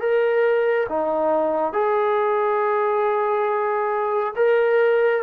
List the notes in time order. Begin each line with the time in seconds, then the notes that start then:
0.00 A#4
0.89 D#4
1.73 G#4
4.36 A#4